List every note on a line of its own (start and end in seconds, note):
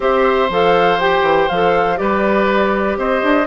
0.00 0.49 C4
0.00 0.49 G4
0.00 1.99 C5
0.00 0.51 E5
0.49 1.22 F3
0.49 0.99 A4
0.49 0.99 F5
0.99 1.49 G4
0.99 1.49 G5
1.22 1.47 E3
1.49 1.99 F3
1.49 1.96 A4
1.49 1.97 F5
1.96 2.97 G3
1.96 3.45 G4
1.96 2.98 B4
1.96 2.96 D5
2.97 3.22 C4
2.97 3.47 C5
2.97 3.47 D#5
3.22 3.47 D4